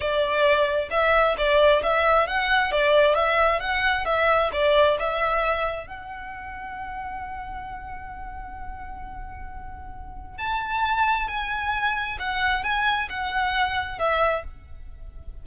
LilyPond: \new Staff \with { instrumentName = "violin" } { \time 4/4 \tempo 4 = 133 d''2 e''4 d''4 | e''4 fis''4 d''4 e''4 | fis''4 e''4 d''4 e''4~ | e''4 fis''2.~ |
fis''1~ | fis''2. a''4~ | a''4 gis''2 fis''4 | gis''4 fis''2 e''4 | }